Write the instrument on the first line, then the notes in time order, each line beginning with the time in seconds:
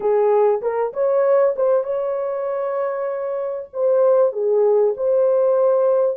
horn
0.00 G#4
0.61 A#4
0.93 C#5
1.56 C5
1.83 C#5
3.73 C5
4.32 G#4
4.97 C5